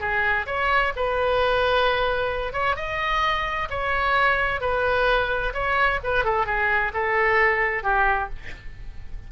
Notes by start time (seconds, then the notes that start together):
0.00 G#4
0.47 C#5
0.96 B4
2.53 C#5
2.76 D#5
3.70 C#5
4.61 B4
5.54 C#5
6.04 B4
6.25 A4
6.46 G#4
6.94 A4
7.83 G4